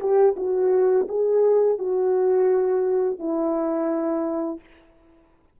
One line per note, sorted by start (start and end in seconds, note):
0.00 0.35 G4
0.36 1.07 F#4
1.08 1.78 G#4
1.78 3.19 F#4
3.19 4.60 E4